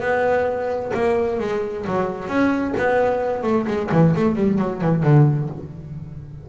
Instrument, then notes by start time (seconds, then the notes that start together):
double bass
0.00 B3
0.94 A#3
1.39 G#3
1.86 F#3
2.28 C#4
2.77 B3
3.42 A3
3.67 G#3
3.91 E3
4.15 A3
4.35 G3
4.58 F#3
4.81 E3
5.03 D3